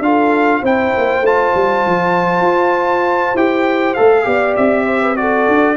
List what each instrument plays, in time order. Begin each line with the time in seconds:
0.00 tuba D4, trombone F4, horn A4, trumpet F5
0.61 tuba C4, trombone E4, horn C5, trumpet G5
0.98 tuba A#3
1.21 tuba A3, trombone F4, trumpet A5
1.55 tuba G3
1.87 tuba F3
2.41 tuba F4
3.35 tuba E4, trombone G4, trumpet G5
3.94 tuba A3, trombone A4, trumpet F5
4.24 tuba B3, trombone G4, horn D5
4.56 tuba C4, trumpet E5
4.85 horn C5
5.02 horn B4
5.16 trombone F#4, horn A4, trumpet D5
5.48 tuba D4